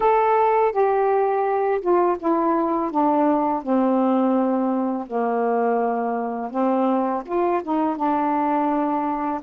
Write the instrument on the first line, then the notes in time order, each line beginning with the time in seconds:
saxophone
0.00 A4
0.72 G4
1.81 F4
2.19 E4
2.91 D4
3.62 C4
5.07 A#3
6.51 C4
7.25 F4
7.63 D#4
7.96 D4